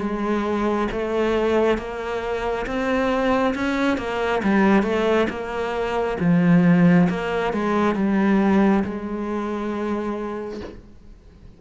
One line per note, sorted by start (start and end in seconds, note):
0.00 0.88 G#3
0.92 1.78 A3
1.78 2.67 A#3
2.67 3.55 C4
3.55 3.98 C#4
3.98 4.42 A#3
4.44 4.83 G3
4.83 5.27 A3
5.30 6.18 A#3
6.20 7.09 F3
7.10 7.54 A#3
7.54 7.96 G#3
7.96 8.84 G3
8.84 10.61 G#3